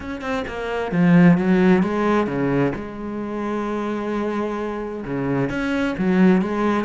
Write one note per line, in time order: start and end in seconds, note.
0.00 0.21 C#4
0.21 0.44 C4
0.47 0.91 A#3
0.91 1.37 F3
1.37 1.82 F#3
1.82 2.26 G#3
2.26 2.72 C#3
2.75 5.04 G#3
5.04 5.49 C#3
5.49 5.95 C#4
5.98 6.41 F#3
6.41 6.85 G#3